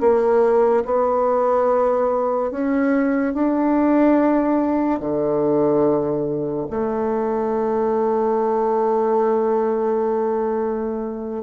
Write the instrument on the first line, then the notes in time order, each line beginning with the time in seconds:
bassoon
0.00 A#3
0.85 B3
2.50 C#4
3.33 D4
5.00 D3
6.70 A3